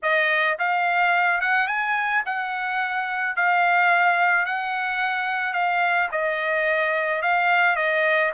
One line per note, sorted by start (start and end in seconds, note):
0.02 0.57 D#5
0.59 1.40 F5
1.40 1.67 F#5
1.67 2.22 G#5
2.25 3.36 F#5
3.36 4.45 F5
4.45 5.53 F#5
5.53 6.08 F5
6.11 7.21 D#5
7.21 7.76 F5
7.76 8.31 D#5